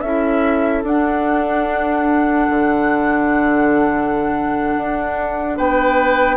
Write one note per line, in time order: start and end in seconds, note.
0.00 0.83 C#4
0.00 0.84 E4
0.00 5.57 A4
0.00 0.82 E5
0.83 2.48 D4
0.83 6.36 D4
0.83 5.58 F#5
2.49 4.75 D3
4.77 5.59 D4
5.57 6.36 B3
5.57 6.36 B4
5.57 6.36 G5